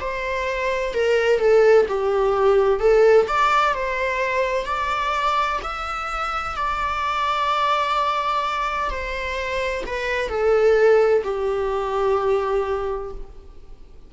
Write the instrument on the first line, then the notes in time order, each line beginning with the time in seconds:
viola
0.00 C5
0.94 A#4
1.39 A4
1.88 G4
2.80 A4
3.27 D5
3.74 C5
4.65 D5
5.63 E5
6.56 D5
8.90 C5
9.86 B4
10.29 A4
11.24 G4